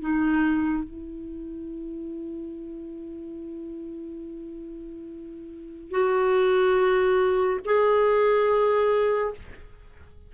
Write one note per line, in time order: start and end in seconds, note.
0.00 0.83 D#4
0.83 5.90 E4
5.90 7.59 F#4
7.64 9.33 G#4